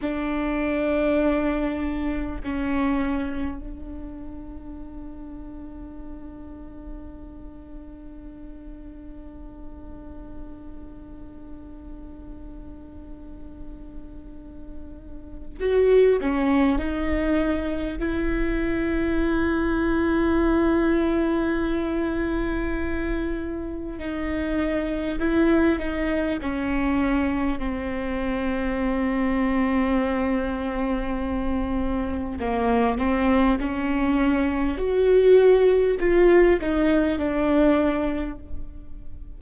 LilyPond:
\new Staff \with { instrumentName = "viola" } { \time 4/4 \tempo 4 = 50 d'2 cis'4 d'4~ | d'1~ | d'1~ | d'4 fis'8 cis'8 dis'4 e'4~ |
e'1 | dis'4 e'8 dis'8 cis'4 c'4~ | c'2. ais8 c'8 | cis'4 fis'4 f'8 dis'8 d'4 | }